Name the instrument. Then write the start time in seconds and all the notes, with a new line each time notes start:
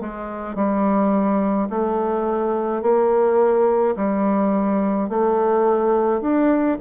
bassoon
0.00 G#3
0.55 G3
1.69 A3
2.81 A#3
3.96 G3
5.09 A3
6.21 D4